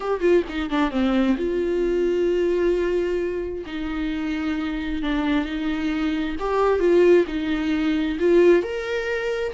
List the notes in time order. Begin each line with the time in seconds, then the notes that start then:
0.00 G4
0.20 F4
0.48 D#4
0.70 D4
0.90 C4
1.37 F4
3.66 D#4
5.02 D4
5.45 D#4
6.39 G4
6.79 F4
7.27 D#4
8.19 F4
8.62 A#4